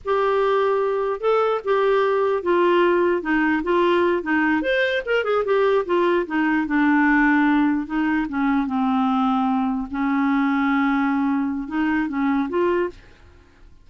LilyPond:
\new Staff \with { instrumentName = "clarinet" } { \time 4/4 \tempo 4 = 149 g'2. a'4 | g'2 f'2 | dis'4 f'4. dis'4 c''8~ | c''8 ais'8 gis'8 g'4 f'4 dis'8~ |
dis'8 d'2. dis'8~ | dis'8 cis'4 c'2~ c'8~ | c'8 cis'2.~ cis'8~ | cis'4 dis'4 cis'4 f'4 | }